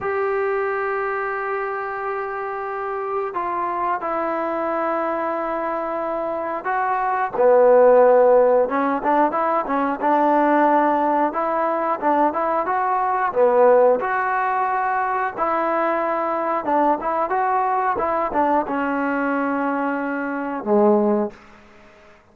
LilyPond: \new Staff \with { instrumentName = "trombone" } { \time 4/4 \tempo 4 = 90 g'1~ | g'4 f'4 e'2~ | e'2 fis'4 b4~ | b4 cis'8 d'8 e'8 cis'8 d'4~ |
d'4 e'4 d'8 e'8 fis'4 | b4 fis'2 e'4~ | e'4 d'8 e'8 fis'4 e'8 d'8 | cis'2. gis4 | }